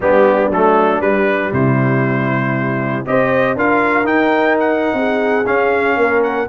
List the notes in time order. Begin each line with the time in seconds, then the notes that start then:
0.00 G3 B3 D4 G4
0.50 F#3 A3 A4
1.00 G3 B4
1.52 C3 E4 C5
3.06 C4 G4 C5 D#5
3.55 D4 F4 A#4 F5
4.03 D#4 G5
4.59 F#5
4.93 C4 G#4
5.45 C#4 F5
5.96 A#3 A#4
6.23 F#5